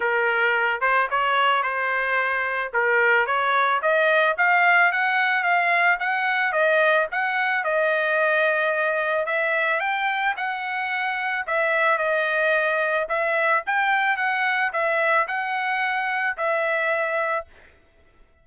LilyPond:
\new Staff \with { instrumentName = "trumpet" } { \time 4/4 \tempo 4 = 110 ais'4. c''8 cis''4 c''4~ | c''4 ais'4 cis''4 dis''4 | f''4 fis''4 f''4 fis''4 | dis''4 fis''4 dis''2~ |
dis''4 e''4 g''4 fis''4~ | fis''4 e''4 dis''2 | e''4 g''4 fis''4 e''4 | fis''2 e''2 | }